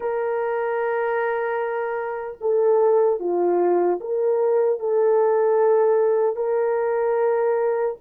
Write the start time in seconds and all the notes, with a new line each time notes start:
0.00 A#4
2.40 A4
3.19 F4
4.00 A#4
4.79 A4
6.36 A#4